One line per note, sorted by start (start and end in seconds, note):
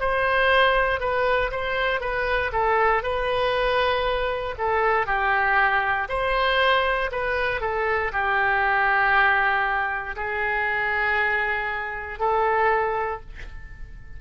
0.00 1.00 C5
1.00 1.51 B4
1.51 2.01 C5
2.01 2.51 B4
2.52 3.03 A4
3.03 4.55 B4
4.58 5.07 A4
5.07 6.08 G4
6.09 7.10 C5
7.11 7.61 B4
7.61 8.12 A4
8.12 10.16 G4
10.16 12.19 G#4
12.19 13.21 A4